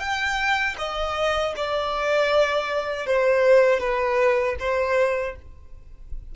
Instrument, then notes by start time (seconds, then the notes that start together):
violin
0.00 G5
0.78 D#5
1.56 D5
3.07 C5
3.80 B4
4.60 C5